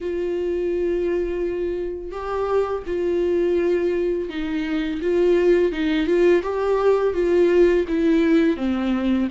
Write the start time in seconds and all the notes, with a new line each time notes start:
0.01 F4
2.11 G4
2.86 F4
4.29 D#4
5.01 F4
5.72 D#4
6.06 F4
6.43 G4
7.13 F4
7.88 E4
8.56 C4